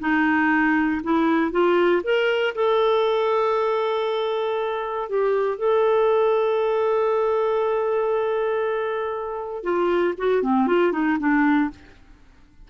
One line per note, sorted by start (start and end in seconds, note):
0.00 1.02 D#4
1.04 1.52 E4
1.52 2.02 F4
2.04 2.54 A#4
2.55 5.09 A4
5.09 5.58 G4
5.58 9.64 A4
9.64 10.14 F4
10.18 10.43 F#4
10.43 10.67 C4
10.67 10.92 F4
10.92 11.18 D#4
11.20 11.70 D4